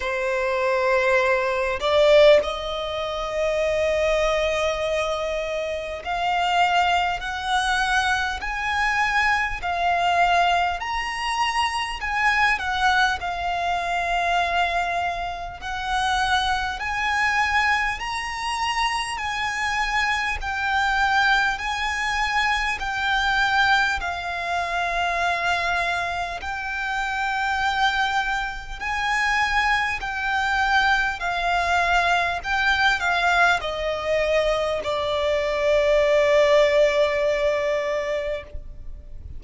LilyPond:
\new Staff \with { instrumentName = "violin" } { \time 4/4 \tempo 4 = 50 c''4. d''8 dis''2~ | dis''4 f''4 fis''4 gis''4 | f''4 ais''4 gis''8 fis''8 f''4~ | f''4 fis''4 gis''4 ais''4 |
gis''4 g''4 gis''4 g''4 | f''2 g''2 | gis''4 g''4 f''4 g''8 f''8 | dis''4 d''2. | }